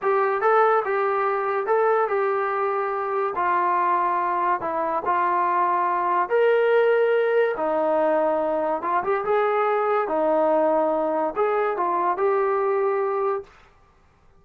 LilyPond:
\new Staff \with { instrumentName = "trombone" } { \time 4/4 \tempo 4 = 143 g'4 a'4 g'2 | a'4 g'2. | f'2. e'4 | f'2. ais'4~ |
ais'2 dis'2~ | dis'4 f'8 g'8 gis'2 | dis'2. gis'4 | f'4 g'2. | }